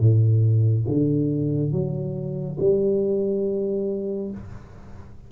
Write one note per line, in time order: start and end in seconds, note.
0.00 0.86 A2
0.88 1.72 D3
1.72 2.58 F#3
2.60 4.31 G3